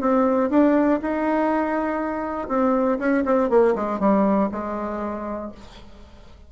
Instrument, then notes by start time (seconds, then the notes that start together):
bassoon
0.00 C4
0.50 D4
1.01 D#4
2.48 C4
2.99 C#4
3.25 C4
3.49 A#3
3.75 G#3
3.99 G3
4.51 G#3